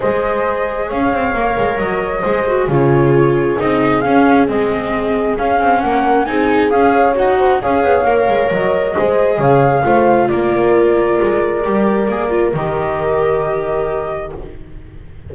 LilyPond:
<<
  \new Staff \with { instrumentName = "flute" } { \time 4/4 \tempo 4 = 134 dis''2 f''2 | dis''2 cis''2 | dis''4 f''4 dis''2 | f''4 fis''4 gis''4 f''4 |
fis''4 f''2 dis''4~ | dis''4 f''2 d''4~ | d''1 | dis''1 | }
  \new Staff \with { instrumentName = "horn" } { \time 4/4 c''2 cis''2~ | cis''4 c''4 gis'2~ | gis'1~ | gis'4 ais'4 gis'4. cis''8~ |
cis''8 c''8 cis''2. | c''4 cis''4 c''4 ais'4~ | ais'1~ | ais'1 | }
  \new Staff \with { instrumentName = "viola" } { \time 4/4 gis'2. ais'4~ | ais'4 gis'8 fis'8 f'2 | dis'4 cis'4 c'2 | cis'2 dis'4 gis'4 |
fis'4 gis'4 ais'2 | gis'2 f'2~ | f'2 g'4 gis'8 f'8 | g'1 | }
  \new Staff \with { instrumentName = "double bass" } { \time 4/4 gis2 cis'8 c'8 ais8 gis8 | fis4 gis4 cis2 | c'4 cis'4 gis2 | cis'8 c'8 ais4 c'4 cis'4 |
dis'4 cis'8 b8 ais8 gis8 fis4 | gis4 cis4 a4 ais4~ | ais4 gis4 g4 ais4 | dis1 | }
>>